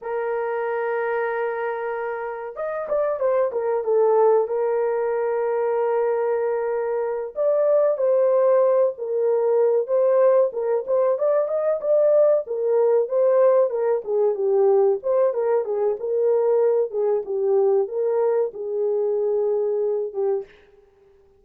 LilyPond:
\new Staff \with { instrumentName = "horn" } { \time 4/4 \tempo 4 = 94 ais'1 | dis''8 d''8 c''8 ais'8 a'4 ais'4~ | ais'2.~ ais'8 d''8~ | d''8 c''4. ais'4. c''8~ |
c''8 ais'8 c''8 d''8 dis''8 d''4 ais'8~ | ais'8 c''4 ais'8 gis'8 g'4 c''8 | ais'8 gis'8 ais'4. gis'8 g'4 | ais'4 gis'2~ gis'8 g'8 | }